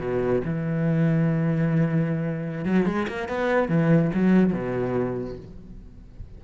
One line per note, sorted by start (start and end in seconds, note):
0.00 0.42 B2
0.45 2.65 E3
2.65 2.86 F#3
2.86 3.07 G#3
3.08 3.29 A#3
3.29 3.69 B3
3.69 4.11 E3
4.14 4.53 F#3
4.53 5.38 B2